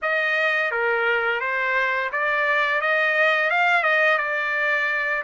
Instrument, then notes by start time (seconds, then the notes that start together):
trumpet
0.02 D#5
0.71 A#4
1.40 C5
2.12 D5
2.81 D#5
3.50 F5
3.83 D#5
4.18 D5